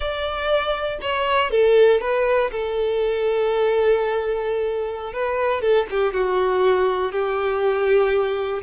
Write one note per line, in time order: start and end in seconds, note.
0.00 0.98 D5
1.01 1.50 C#5
1.50 2.00 A4
2.00 2.50 B4
2.51 5.13 A4
5.13 5.61 B4
5.61 5.86 A4
5.90 6.13 G4
6.13 7.12 F#4
7.12 8.62 G4